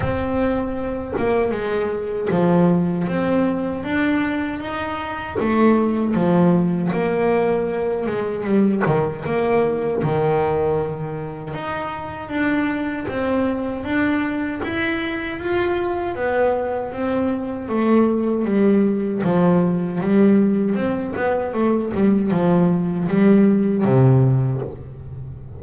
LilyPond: \new Staff \with { instrumentName = "double bass" } { \time 4/4 \tempo 4 = 78 c'4. ais8 gis4 f4 | c'4 d'4 dis'4 a4 | f4 ais4. gis8 g8 dis8 | ais4 dis2 dis'4 |
d'4 c'4 d'4 e'4 | f'4 b4 c'4 a4 | g4 f4 g4 c'8 b8 | a8 g8 f4 g4 c4 | }